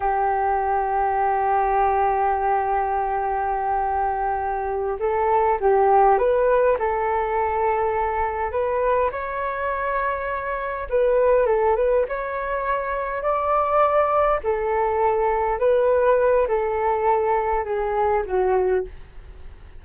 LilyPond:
\new Staff \with { instrumentName = "flute" } { \time 4/4 \tempo 4 = 102 g'1~ | g'1~ | g'8 a'4 g'4 b'4 a'8~ | a'2~ a'8 b'4 cis''8~ |
cis''2~ cis''8 b'4 a'8 | b'8 cis''2 d''4.~ | d''8 a'2 b'4. | a'2 gis'4 fis'4 | }